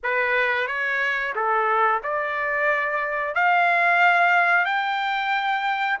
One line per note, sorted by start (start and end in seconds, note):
0.03 0.67 B4
0.67 1.34 C#5
1.35 2.02 A4
2.03 3.35 D5
3.35 4.65 F5
4.65 5.98 G5